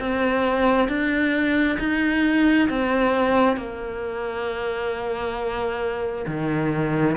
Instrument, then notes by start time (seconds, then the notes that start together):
cello
0.00 C4
0.88 D4
1.80 D#4
2.69 C4
3.57 A#3
6.27 D#3